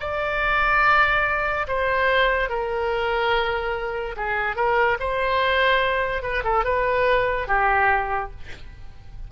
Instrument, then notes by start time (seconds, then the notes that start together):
oboe
0.00 D5
1.67 C5
2.49 A#4
4.16 G#4
4.56 A#4
5.00 C5
6.22 B4
6.44 A4
6.64 B4
7.48 G4